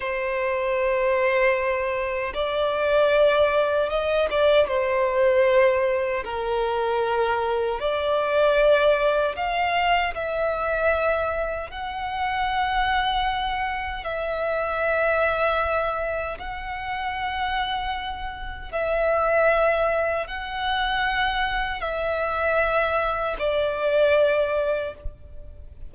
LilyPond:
\new Staff \with { instrumentName = "violin" } { \time 4/4 \tempo 4 = 77 c''2. d''4~ | d''4 dis''8 d''8 c''2 | ais'2 d''2 | f''4 e''2 fis''4~ |
fis''2 e''2~ | e''4 fis''2. | e''2 fis''2 | e''2 d''2 | }